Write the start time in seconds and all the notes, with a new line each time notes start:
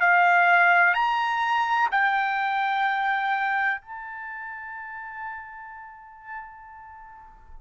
0.00 F5
0.94 A#5
1.91 G5
3.81 A5